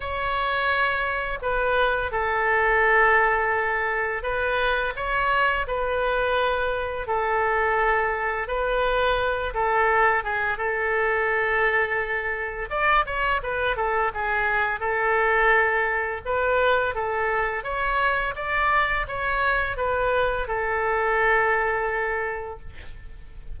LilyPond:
\new Staff \with { instrumentName = "oboe" } { \time 4/4 \tempo 4 = 85 cis''2 b'4 a'4~ | a'2 b'4 cis''4 | b'2 a'2 | b'4. a'4 gis'8 a'4~ |
a'2 d''8 cis''8 b'8 a'8 | gis'4 a'2 b'4 | a'4 cis''4 d''4 cis''4 | b'4 a'2. | }